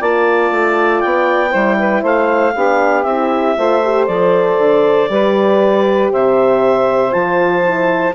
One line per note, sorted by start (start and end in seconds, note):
0.00 0.51 A#3
0.00 1.51 F4
0.00 1.51 D5
0.00 1.01 A5
0.51 1.02 A3
1.01 1.55 B3
1.01 2.03 G5
1.51 2.03 G3
1.51 2.53 E4
1.51 1.76 C5
1.79 2.02 B4
2.02 2.54 A3
2.02 2.53 C5
2.02 3.04 F5
2.55 3.05 B3
2.55 3.07 D4
2.55 3.57 G4
3.04 3.56 C4
3.04 3.58 E4
3.04 4.06 E5
3.58 4.08 A3
3.58 3.83 F4
3.58 5.11 C5
3.84 4.09 G4
4.07 4.59 F3
4.07 5.10 A4
4.07 6.10 D5
4.59 5.10 D3
5.10 6.11 G3
5.10 7.12 G4
5.10 6.12 B4
6.12 7.15 C3
6.12 8.15 C5
6.12 7.13 E5
7.12 8.15 F3
7.12 7.62 F4
7.12 8.14 A5
7.63 8.14 E4